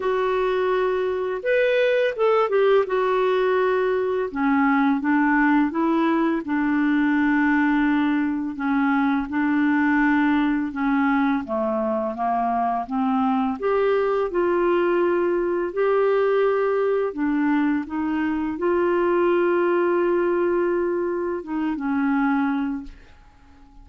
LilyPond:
\new Staff \with { instrumentName = "clarinet" } { \time 4/4 \tempo 4 = 84 fis'2 b'4 a'8 g'8 | fis'2 cis'4 d'4 | e'4 d'2. | cis'4 d'2 cis'4 |
a4 ais4 c'4 g'4 | f'2 g'2 | d'4 dis'4 f'2~ | f'2 dis'8 cis'4. | }